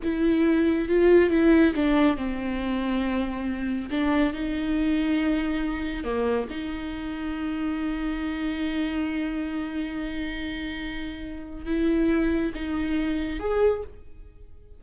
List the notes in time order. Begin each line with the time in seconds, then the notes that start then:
0.03 E4
0.88 F4
1.30 E4
1.75 D4
2.16 C4
3.90 D4
4.33 D#4
6.04 A#3
6.50 D#4
11.65 E4
12.54 D#4
13.39 G#4